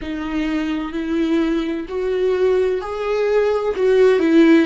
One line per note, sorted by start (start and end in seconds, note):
0.01 0.92 D#4
0.92 1.86 E4
1.88 2.81 F#4
2.81 3.75 G#4
3.76 4.19 F#4
4.19 4.66 E4